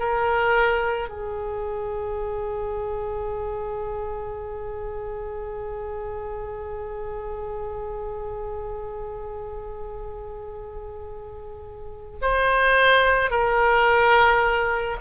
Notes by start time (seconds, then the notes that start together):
0.00 A#4
1.09 G#4
12.22 C5
13.31 A#4